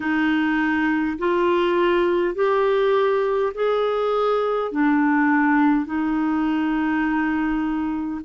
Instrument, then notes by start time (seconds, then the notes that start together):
clarinet
0.00 D#4
1.18 F4
2.35 G4
3.54 G#4
4.71 D4
5.85 D#4